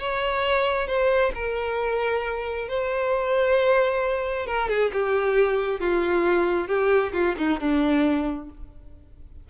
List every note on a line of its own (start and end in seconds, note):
0.00 0.88 C#5
0.88 1.32 C5
1.35 2.69 A#4
2.69 4.47 C5
4.47 4.69 A#4
4.69 4.92 G#4
4.93 5.81 G4
5.81 6.68 F4
6.68 7.13 G4
7.13 7.36 F4
7.38 7.60 D#4
7.61 8.50 D4